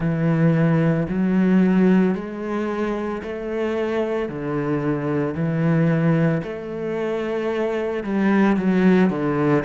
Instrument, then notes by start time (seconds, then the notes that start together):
cello
0.00 E3
1.08 F#3
2.14 G#3
3.22 A3
4.29 D3
5.34 E3
6.43 A3
8.04 G3
8.56 F#3
9.10 D3